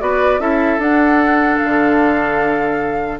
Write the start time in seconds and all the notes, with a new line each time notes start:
0.00 B3 F#4 B4 D5
0.40 C#4 E4 A4 E5
0.78 D4 F#5
1.59 D3 F5